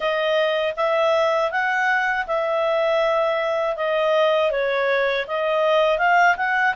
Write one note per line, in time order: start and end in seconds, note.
0.00 0.74 D#5
0.76 1.51 E5
1.51 2.26 F#5
2.26 3.76 E5
3.76 4.51 D#5
4.51 5.26 C#5
5.27 5.98 D#5
5.98 6.36 F5
6.36 6.74 F#5